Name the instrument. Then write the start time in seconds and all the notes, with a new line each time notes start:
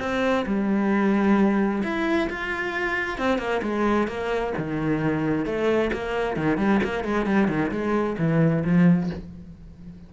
cello
0.00 C4
0.46 G3
1.83 E4
2.30 F4
3.18 C4
3.39 A#3
3.63 G#3
4.08 A#3
4.58 D#3
5.46 A3
5.93 A#3
6.37 D#3
6.58 G3
6.84 A#3
7.05 G#3
7.26 G3
7.49 D#3
7.71 G#3
8.19 E3
8.65 F3